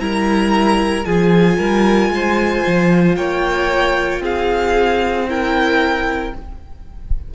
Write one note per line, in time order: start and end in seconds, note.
0.00 1.06 G3
0.00 1.05 E4
0.00 1.06 A#4
0.00 1.05 A#5
1.05 1.59 F3
1.05 5.27 F4
1.05 1.58 G#4
1.05 3.16 G#5
1.58 2.10 G3
1.58 2.11 A#4
2.10 2.62 G#3
2.10 3.17 C5
2.67 3.17 F3
3.17 4.21 A#3
3.17 4.22 C#5
3.17 4.22 G5
4.21 6.32 C4
4.21 5.28 G#4
4.21 5.30 F5
5.28 6.34 E4
5.28 6.35 A#4
5.28 6.35 G5